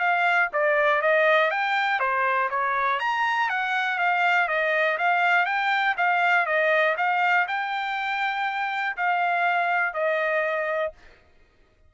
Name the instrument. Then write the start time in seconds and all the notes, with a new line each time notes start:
trumpet
0.00 F5
0.53 D5
1.02 D#5
1.51 G5
2.00 C5
2.50 C#5
3.00 A#5
3.50 F#5
3.99 F5
4.48 D#5
4.98 F5
5.46 G5
5.98 F5
6.46 D#5
6.97 F5
7.48 G5
8.97 F5
9.94 D#5